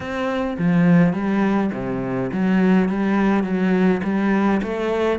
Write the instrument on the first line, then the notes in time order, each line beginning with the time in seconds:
cello
0.00 C4
0.58 F3
1.12 G3
1.73 C3
2.32 F#3
2.88 G3
3.43 F#3
4.03 G3
4.62 A3